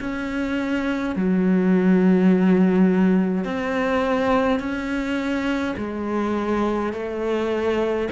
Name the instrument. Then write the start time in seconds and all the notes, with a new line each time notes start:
cello
0.00 C#4
1.15 F#3
3.45 C4
4.59 C#4
5.77 G#3
6.93 A3